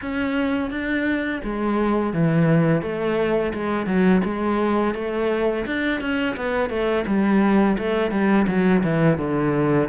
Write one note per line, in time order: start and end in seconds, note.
0.01 0.70 C#4
0.70 1.41 D4
1.43 2.13 G#3
2.13 2.82 E3
2.82 3.52 A3
3.53 3.86 G#3
3.86 4.21 F#3
4.24 4.94 G#3
4.94 5.65 A3
5.66 6.00 D4
6.00 6.36 C#4
6.36 6.69 B3
6.69 7.05 A3
7.06 7.77 G3
7.78 8.10 A3
8.10 8.46 G3
8.47 8.82 F#3
8.83 9.18 E3
9.18 9.88 D3